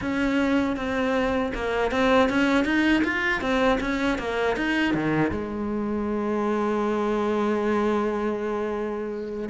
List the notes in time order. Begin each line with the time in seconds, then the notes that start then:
0.01 C#4
0.76 C4
1.54 A#3
1.91 C4
2.29 C#4
2.64 D#4
3.03 F4
3.41 C4
3.80 C#4
4.18 A#3
4.56 D#4
4.94 D#3
5.31 G#3